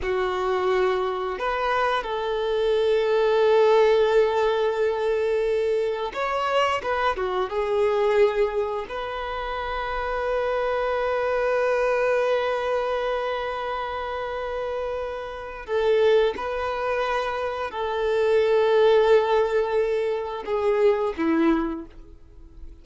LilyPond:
\new Staff \with { instrumentName = "violin" } { \time 4/4 \tempo 4 = 88 fis'2 b'4 a'4~ | a'1~ | a'4 cis''4 b'8 fis'8 gis'4~ | gis'4 b'2.~ |
b'1~ | b'2. a'4 | b'2 a'2~ | a'2 gis'4 e'4 | }